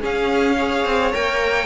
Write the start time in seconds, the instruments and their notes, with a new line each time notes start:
0.00 viola C#4, cello C#4, violin G#4 F5
0.57 viola G#4, violin C#5
0.85 cello C4
1.12 cello A#3, viola A#4, violin G5